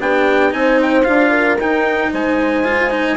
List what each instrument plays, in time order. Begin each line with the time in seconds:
0.00 bassoon B3, cello D4, horn G4, trumpet G5
0.50 bassoon C4, cello D#4, horn C5, trumpet G#5
0.82 trumpet G5
1.04 bassoon D4, cello F4, trumpet F5
1.30 horn A#4
1.58 bassoon D#4, cello D#4, trumpet G5
2.11 bassoon G#3, horn C5, trumpet G#5
2.64 cello F4
2.90 cello D#4